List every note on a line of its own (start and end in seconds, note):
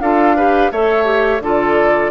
0.00 0.71 D4
0.00 0.37 F4
0.00 0.36 A4
0.00 0.71 F5
0.36 0.72 G4
0.36 0.71 B4
0.71 1.40 A3
0.71 1.04 A4
0.71 1.42 C#5
0.71 1.41 E5
1.04 1.39 G4
1.40 2.10 D3
1.40 2.10 F4
1.40 2.10 A4
1.40 2.10 D5